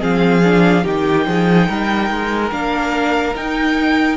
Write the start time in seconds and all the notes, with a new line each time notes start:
0.00 F3 C4 G#4 F5
0.44 D4
0.84 D#3 D#4 G4 G5
1.27 F3 G#4
1.68 G3 A#4
2.11 G#3
2.51 A#3 D4 F5
3.36 D#4 G5